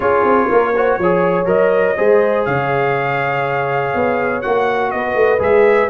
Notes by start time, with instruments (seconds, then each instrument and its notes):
0.00 tuba C#4, trombone F4, horn G#4, trumpet C#5
0.24 tuba C4
0.49 tuba A#3, horn A#4
0.75 trombone F#4, horn C5
0.98 tuba F3, trombone G#4, horn C#5
1.45 tuba F#3, trombone A#4, trumpet D#5
1.97 tuba G#3, trombone G#4, horn C5
2.45 tuba C#3, horn C#5, trumpet F5
3.94 tuba B3
4.41 tuba A#3, trombone F#4, trumpet F#5
4.91 tuba B3, horn B4, trumpet D#5
5.14 tuba A3
5.38 tuba G#3, trombone G#4, trumpet E5